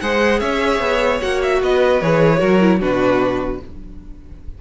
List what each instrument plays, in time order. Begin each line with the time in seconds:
0.00 cello G#3, viola G#4, violin C5 F#5
0.39 cello C#4, violin C#5 E5
0.79 cello B3
1.21 cello A#3, viola F#4, violin F#5
1.42 violin E5
1.61 cello B3, violin B4 D#5
2.01 cello E3, viola G#4, violin C#5
2.38 cello F#3, viola F#4, violin A#4
2.60 viola E4
2.79 cello B2, viola D4, violin F#4 B4